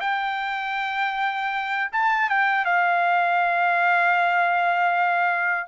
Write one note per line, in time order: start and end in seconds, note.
0.00 1.90 G5
1.92 2.29 A5
2.29 2.65 G5
2.65 5.68 F5